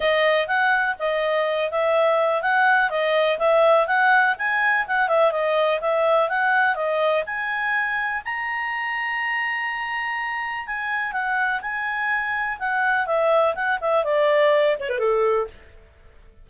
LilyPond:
\new Staff \with { instrumentName = "clarinet" } { \time 4/4 \tempo 4 = 124 dis''4 fis''4 dis''4. e''8~ | e''4 fis''4 dis''4 e''4 | fis''4 gis''4 fis''8 e''8 dis''4 | e''4 fis''4 dis''4 gis''4~ |
gis''4 ais''2.~ | ais''2 gis''4 fis''4 | gis''2 fis''4 e''4 | fis''8 e''8 d''4. cis''16 b'16 a'4 | }